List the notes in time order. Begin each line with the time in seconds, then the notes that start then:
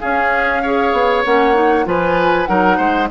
0.00 C#4 G#4 F5
0.62 G#4 C#5
0.93 B3
1.24 A#3 C#4 F#5
1.54 D#4
1.85 F3 F4 B4 G#5
2.46 F#3 D#4 A#4 F#5
2.77 G#3 C5